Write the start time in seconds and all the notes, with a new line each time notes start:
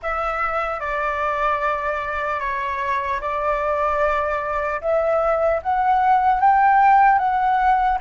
0.02 E5
0.80 D5
2.40 C#5
3.20 D5
4.81 E5
5.62 F#5
6.40 G5
7.18 F#5